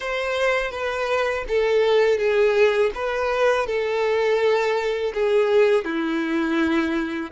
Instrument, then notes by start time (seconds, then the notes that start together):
violin
0.00 C5
0.71 B4
1.48 A4
2.18 G#4
2.95 B4
3.66 A4
5.14 G#4
5.84 E4